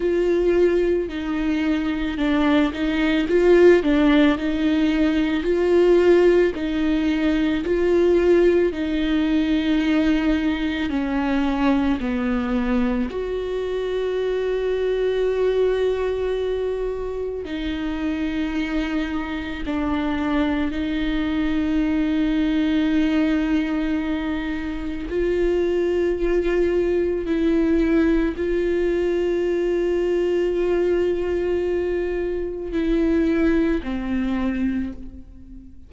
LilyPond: \new Staff \with { instrumentName = "viola" } { \time 4/4 \tempo 4 = 55 f'4 dis'4 d'8 dis'8 f'8 d'8 | dis'4 f'4 dis'4 f'4 | dis'2 cis'4 b4 | fis'1 |
dis'2 d'4 dis'4~ | dis'2. f'4~ | f'4 e'4 f'2~ | f'2 e'4 c'4 | }